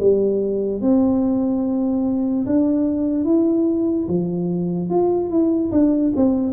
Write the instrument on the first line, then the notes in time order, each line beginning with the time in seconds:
tuba
0.00 G3
0.81 C4
2.46 D4
3.25 E4
4.09 F3
4.90 F4
5.30 E4
5.72 D4
6.16 C4